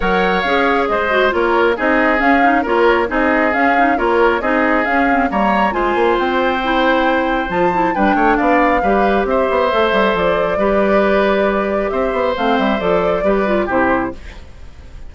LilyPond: <<
  \new Staff \with { instrumentName = "flute" } { \time 4/4 \tempo 4 = 136 fis''4 f''4 dis''4 cis''4 | dis''4 f''4 cis''4 dis''4 | f''4 cis''4 dis''4 f''4 | ais''4 gis''4 g''2~ |
g''4 a''4 g''4 f''4~ | f''4 e''2 d''4~ | d''2. e''4 | f''8 e''8 d''2 c''4 | }
  \new Staff \with { instrumentName = "oboe" } { \time 4/4 cis''2 c''4 ais'4 | gis'2 ais'4 gis'4~ | gis'4 ais'4 gis'2 | cis''4 c''2.~ |
c''2 b'8 cis''8 d''4 | b'4 c''2. | b'2. c''4~ | c''2 b'4 g'4 | }
  \new Staff \with { instrumentName = "clarinet" } { \time 4/4 ais'4 gis'4. fis'8 f'4 | dis'4 cis'8 dis'8 f'4 dis'4 | cis'8 dis'8 f'4 dis'4 cis'8 c'8 | ais4 f'2 e'4~ |
e'4 f'8 e'8 d'2 | g'2 a'2 | g'1 | c'4 a'4 g'8 f'8 e'4 | }
  \new Staff \with { instrumentName = "bassoon" } { \time 4/4 fis4 cis'4 gis4 ais4 | c'4 cis'4 ais4 c'4 | cis'4 ais4 c'4 cis'4 | g4 gis8 ais8 c'2~ |
c'4 f4 g8 a8 b4 | g4 c'8 b8 a8 g8 f4 | g2. c'8 b8 | a8 g8 f4 g4 c4 | }
>>